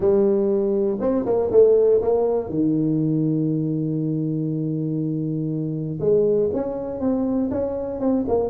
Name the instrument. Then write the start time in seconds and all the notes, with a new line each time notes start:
tuba
0.00 G3
1.00 C4
1.25 A#3
1.51 A3
2.01 A#3
2.49 D#3
6.00 G#3
6.53 C#4
7.00 C4
7.50 C#4
8.00 C4
8.28 A#3